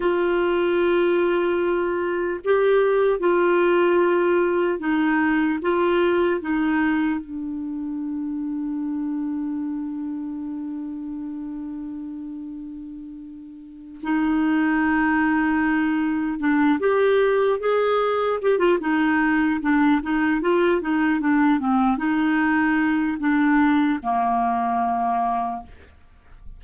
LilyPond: \new Staff \with { instrumentName = "clarinet" } { \time 4/4 \tempo 4 = 75 f'2. g'4 | f'2 dis'4 f'4 | dis'4 d'2.~ | d'1~ |
d'4. dis'2~ dis'8~ | dis'8 d'8 g'4 gis'4 g'16 f'16 dis'8~ | dis'8 d'8 dis'8 f'8 dis'8 d'8 c'8 dis'8~ | dis'4 d'4 ais2 | }